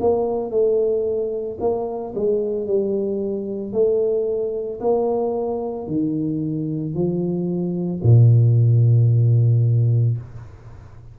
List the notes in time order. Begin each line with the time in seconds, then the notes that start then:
0.00 A#3
0.51 A3
1.60 A#3
2.15 G#3
2.67 G3
3.73 A3
4.80 A#3
5.87 D#3
6.94 F3
8.03 A#2